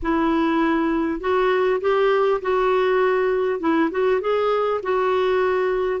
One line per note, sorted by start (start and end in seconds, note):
0.02 1.20 E4
1.20 1.80 F#4
1.81 2.41 G4
2.41 3.60 F#4
3.60 3.90 E4
3.90 4.20 F#4
4.20 4.80 G#4
4.82 6.00 F#4